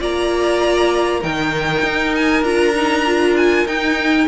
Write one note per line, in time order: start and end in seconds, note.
0.00 1.24 A#3
0.00 1.21 F4
0.00 1.21 D5
0.00 1.23 A#5
1.21 1.84 D#3
1.21 2.44 D#4
1.21 4.27 A#4
1.21 2.15 G5
1.84 2.43 D#4
2.16 2.44 G#5
2.43 3.65 D4
2.43 2.75 F4
2.43 3.36 A#5
2.75 3.06 D#4
3.06 3.68 F4
3.37 3.67 G#5
3.66 4.28 D#4
3.66 4.28 G5